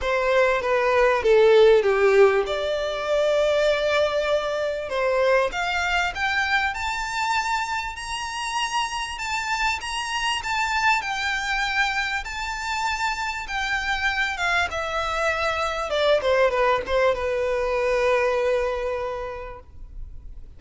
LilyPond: \new Staff \with { instrumentName = "violin" } { \time 4/4 \tempo 4 = 98 c''4 b'4 a'4 g'4 | d''1 | c''4 f''4 g''4 a''4~ | a''4 ais''2 a''4 |
ais''4 a''4 g''2 | a''2 g''4. f''8 | e''2 d''8 c''8 b'8 c''8 | b'1 | }